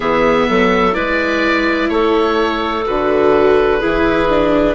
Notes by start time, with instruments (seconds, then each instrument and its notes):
0.00 bassoon E3, viola B3, clarinet G#4, oboe E5
0.48 bassoon F#3, clarinet A4
0.92 bassoon G#3, viola E4, clarinet B4, oboe D5
1.89 bassoon A3, clarinet A4, oboe C#5
2.85 bassoon D3, viola F#4, oboe B4
3.79 bassoon E3, viola E4, clarinet G#4
4.29 viola D4